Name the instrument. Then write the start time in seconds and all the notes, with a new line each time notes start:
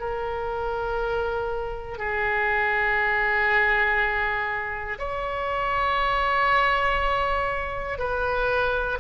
oboe
0.00 A#4
1.99 G#4
4.99 C#5
7.99 B4